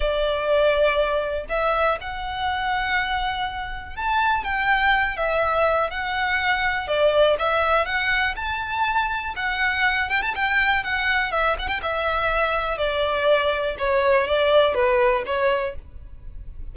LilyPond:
\new Staff \with { instrumentName = "violin" } { \time 4/4 \tempo 4 = 122 d''2. e''4 | fis''1 | a''4 g''4. e''4. | fis''2 d''4 e''4 |
fis''4 a''2 fis''4~ | fis''8 g''16 a''16 g''4 fis''4 e''8 fis''16 g''16 | e''2 d''2 | cis''4 d''4 b'4 cis''4 | }